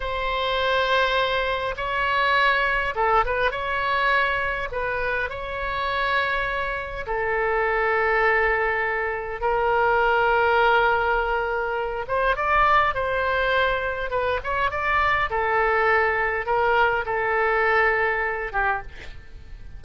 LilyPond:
\new Staff \with { instrumentName = "oboe" } { \time 4/4 \tempo 4 = 102 c''2. cis''4~ | cis''4 a'8 b'8 cis''2 | b'4 cis''2. | a'1 |
ais'1~ | ais'8 c''8 d''4 c''2 | b'8 cis''8 d''4 a'2 | ais'4 a'2~ a'8 g'8 | }